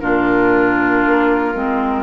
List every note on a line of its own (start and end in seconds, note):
0.00 1.06 A#2
0.00 1.54 D4
0.00 2.03 F4
0.00 2.03 A#4
1.06 1.55 A#3
1.54 2.03 G#3
1.54 2.03 C4